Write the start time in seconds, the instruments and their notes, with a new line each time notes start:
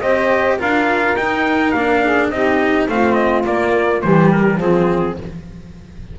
0.00 double bass C4, cello G4, saxophone C5, trumpet D#5
0.57 double bass D4, cello F4, saxophone A#4, trumpet F5
1.15 double bass D#4, cello D#4, trumpet G5
1.71 double bass A#3, cello D4, trumpet F5
2.03 saxophone G#4
2.29 double bass C4, cello D#4, saxophone G4, trumpet D#5
2.88 double bass A3, cello C4, saxophone F4, trumpet F5
3.13 trumpet D#5
3.43 cello A#3, double bass A#3, trumpet D5
4.01 double bass E3, cello G3, saxophone G4, trumpet C5
4.32 trumpet A#4
4.57 double bass F3, cello C4, saxophone F4, trumpet G#4